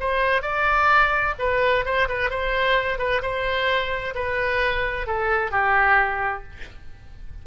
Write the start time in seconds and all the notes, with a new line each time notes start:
0.00 C5
0.42 D5
1.39 B4
1.85 C5
2.09 B4
2.30 C5
2.99 B4
3.22 C5
4.15 B4
5.07 A4
5.51 G4